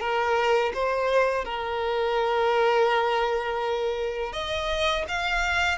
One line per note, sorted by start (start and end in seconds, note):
0.00 0.72 A#4
0.74 1.45 C5
1.45 4.33 A#4
4.33 5.05 D#5
5.08 5.78 F5